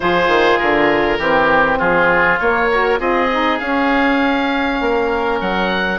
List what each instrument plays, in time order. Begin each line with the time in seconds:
0.00 bassoon F3, saxophone F4, oboe G#4 C5
0.28 bassoon D#3
0.58 bassoon D3, oboe A#4
1.17 bassoon E3, saxophone C4, oboe G4
1.78 bassoon F3, oboe F4 G#4
2.39 saxophone A#3, bassoon A#3, oboe C#5
2.72 saxophone F#4, oboe A#4
2.97 bassoon C4, saxophone F4, oboe G#4 D#5
3.31 saxophone D#4
3.59 bassoon C#4, saxophone C#4, oboe F5
4.80 bassoon A#3, oboe A#4
5.40 bassoon F#3, oboe F#5